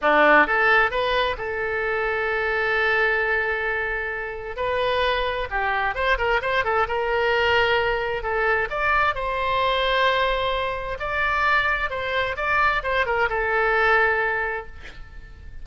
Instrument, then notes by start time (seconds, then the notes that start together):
oboe
0.01 D4
0.46 A4
0.90 B4
1.37 A4
4.56 B4
5.50 G4
5.94 C5
6.17 A#4
6.41 C5
6.64 A4
6.87 A#4
8.22 A4
8.69 D5
9.14 C5
10.99 D5
11.90 C5
12.36 D5
12.83 C5
13.06 A#4
13.29 A4